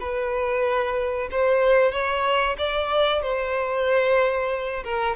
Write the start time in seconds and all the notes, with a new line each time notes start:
0.00 B4
1.31 C5
1.92 C#5
2.58 D5
3.22 C5
4.84 A#4